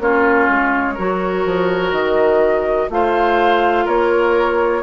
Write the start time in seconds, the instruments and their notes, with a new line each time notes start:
0.00 bassoon A#3, clarinet C#4, oboe F4, flute C#5
0.49 bassoon G#3
0.94 bassoon F#3, clarinet F#4, oboe A#4
1.46 bassoon F3
1.92 bassoon D#3, flute D#5
2.90 bassoon A3, clarinet F4, oboe C5, flute F5
3.85 bassoon A#3, oboe A#4, flute C#5